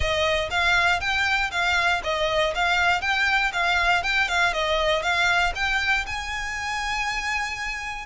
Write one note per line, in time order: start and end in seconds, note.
0.00 0.49 D#5
0.50 1.00 F5
1.00 1.50 G5
1.51 2.01 F5
2.03 2.53 D#5
2.55 3.01 F5
3.01 3.51 G5
3.52 4.03 F5
4.03 4.28 G5
4.28 4.53 F5
4.53 5.02 D#5
5.02 5.53 F5
5.55 6.05 G5
6.06 8.06 G#5